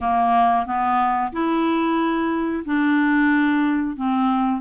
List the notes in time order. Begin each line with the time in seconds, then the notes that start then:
0.01 A#3
0.66 B3
1.32 E4
2.65 D4
3.96 C4